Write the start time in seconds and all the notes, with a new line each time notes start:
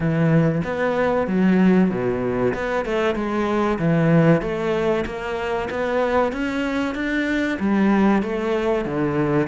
0.00 E3
0.64 B3
1.27 F#3
1.90 B2
2.53 B3
2.85 A3
3.15 G#3
3.78 E3
4.41 A3
5.05 A#3
5.70 B3
6.32 C#4
6.94 D4
7.59 G3
8.22 A3
8.85 D3